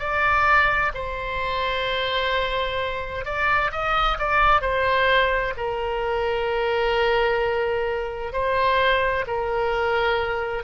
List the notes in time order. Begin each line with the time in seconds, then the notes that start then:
0.00 D5
0.95 C5
3.26 D5
3.72 D#5
4.19 D5
4.62 C5
5.57 A#4
8.33 C5
9.27 A#4